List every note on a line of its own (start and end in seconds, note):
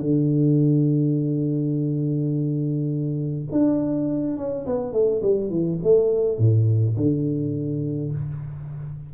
0.00 3.46 D3
3.51 4.37 D4
4.37 4.65 C#4
4.66 4.92 B3
4.92 5.21 A3
5.22 5.50 G3
5.50 5.78 E3
5.83 6.38 A3
6.38 6.96 A2
6.96 8.12 D3